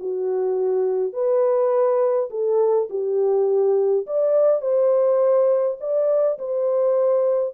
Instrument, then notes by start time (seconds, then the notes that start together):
horn
0.00 F#4
1.13 B4
2.31 A4
2.90 G4
4.07 D5
4.62 C5
5.80 D5
6.39 C5